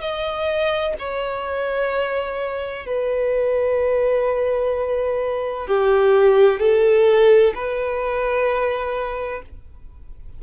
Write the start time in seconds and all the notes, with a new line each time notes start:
0.00 D#5
0.98 C#5
2.86 B4
5.67 G4
6.59 A4
7.54 B4